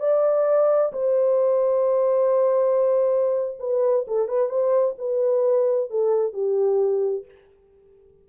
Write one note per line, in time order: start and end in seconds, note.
0.00 0.92 D5
0.93 3.58 C5
3.60 4.06 B4
4.08 4.28 A4
4.28 4.49 B4
4.49 4.95 C5
4.98 5.90 B4
5.90 6.33 A4
6.33 7.25 G4